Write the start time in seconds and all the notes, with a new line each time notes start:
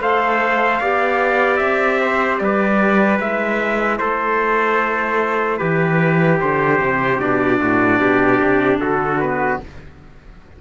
0.00 A3 A4 C5 F5
0.81 B3 G4 D5
1.57 C4 E5
2.02 C5
2.38 G3 B4 D5
3.19 G#3 E4 E5
3.98 A3 A4 C5
5.58 E3 G4 B4
6.41 D3 C5
6.80 C3
7.19 B2 D4 D5
7.60 A2 F#4
8.00 B2 G4
8.42 C3
8.77 D3 F#4 A4
9.20 B3 B4